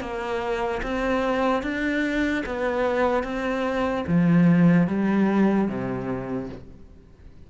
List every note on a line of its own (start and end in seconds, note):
0.00 0.81 A#3
0.83 1.63 C4
1.63 2.44 D4
2.45 3.23 B3
3.23 4.04 C4
4.07 4.87 F3
4.87 5.68 G3
5.68 6.49 C3